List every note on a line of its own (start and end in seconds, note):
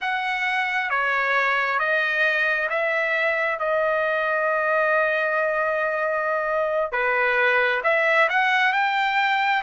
0.01 0.90 F#5
0.90 1.79 C#5
1.79 2.69 D#5
2.69 3.59 E5
3.59 6.92 D#5
6.92 7.81 B4
7.83 8.28 E5
8.29 8.73 F#5
8.73 9.62 G5